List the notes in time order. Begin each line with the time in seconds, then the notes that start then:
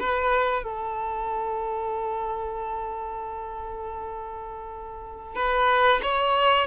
0.00 B4
0.64 A4
5.36 B4
6.03 C#5